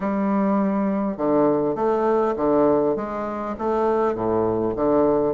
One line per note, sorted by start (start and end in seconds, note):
0.00 1.17 G3
1.17 1.75 D3
1.75 2.34 A3
2.36 2.95 D3
2.96 3.55 G#3
3.58 4.14 A3
4.14 4.74 A2
4.75 5.34 D3